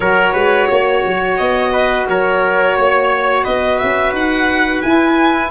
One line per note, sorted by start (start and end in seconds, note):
0.00 0.34 F#3
0.00 4.84 F#4
0.00 0.32 A#4
0.00 1.34 C#5
0.32 0.68 G#3
0.32 0.67 B4
0.68 1.05 A#3
0.68 1.72 C#5
1.05 1.39 F#3
1.37 2.08 B3
1.37 2.06 D#5
1.72 2.06 B4
2.08 2.76 F#3
2.08 2.76 A#4
2.08 3.44 C#5
2.76 3.45 A#3
2.76 3.44 C#5
3.44 3.81 B3
3.44 5.51 B4
3.44 3.78 D#5
3.78 4.12 C#4
3.78 4.12 E5
4.12 4.81 D#4
4.12 4.81 F#5
4.81 5.51 E4
4.81 5.50 G#5